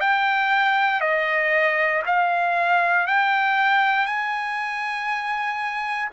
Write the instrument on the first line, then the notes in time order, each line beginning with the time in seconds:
trumpet
0.00 G5
1.01 D#5
2.06 F5
3.07 G5
4.05 G#5